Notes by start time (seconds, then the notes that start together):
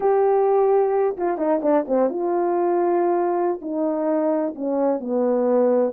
0.00 G4
1.17 F4
1.37 D#4
1.62 D4
1.87 C4
2.09 F4
3.61 D#4
4.55 C#4
5.00 B3